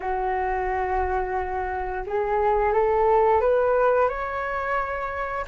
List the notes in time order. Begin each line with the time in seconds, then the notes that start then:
0.00 F#4
2.06 G#4
2.73 A4
3.41 B4
4.08 C#5